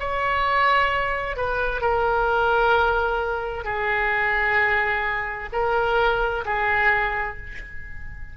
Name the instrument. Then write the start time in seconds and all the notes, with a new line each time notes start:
oboe
0.00 C#5
1.36 B4
1.81 A#4
3.65 G#4
5.52 A#4
6.45 G#4